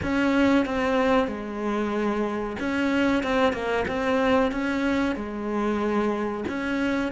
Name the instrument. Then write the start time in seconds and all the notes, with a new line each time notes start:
cello
0.02 C#4
0.65 C4
1.27 G#3
2.59 C#4
3.23 C4
3.52 A#3
3.87 C4
4.51 C#4
5.15 G#3
6.48 C#4